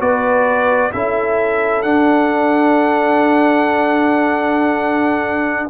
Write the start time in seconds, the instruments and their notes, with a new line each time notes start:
0.00 tuba B3, trombone F#4, horn B4, trumpet D5
0.92 tuba C#4, trombone E4, horn A4, trumpet E5
1.82 trombone D4, tuba D4, trumpet F#5